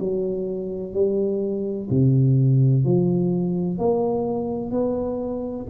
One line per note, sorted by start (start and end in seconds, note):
0.00 0.94 F#3
0.94 1.89 G3
1.90 2.85 C3
2.85 3.79 F3
3.79 4.71 A#3
4.71 5.67 B3